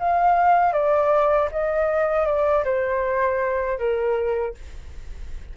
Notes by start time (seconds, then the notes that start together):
0.00 F5
0.74 D5
1.52 D#5
2.26 D5
2.65 C5
3.79 A#4